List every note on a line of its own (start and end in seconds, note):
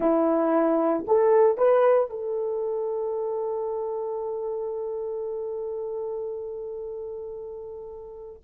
0.00 1.05 E4
1.07 1.57 A4
1.57 2.10 B4
2.10 8.41 A4